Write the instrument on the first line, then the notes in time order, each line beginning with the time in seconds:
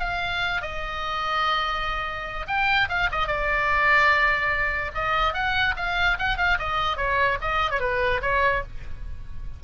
oboe
0.00 F5
0.62 D#5
2.48 G5
2.89 F5
3.12 D#5
3.27 D5
4.95 D#5
5.34 F#5
5.77 F5
6.19 F#5
6.38 F5
6.59 D#5
6.97 C#5
7.42 D#5
7.71 C#5
7.80 B4
8.22 C#5